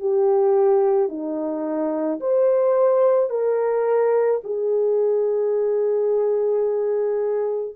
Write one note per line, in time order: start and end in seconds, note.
0.00 1.09 G4
1.09 2.20 D#4
2.20 3.30 C5
3.30 4.41 A#4
4.44 7.76 G#4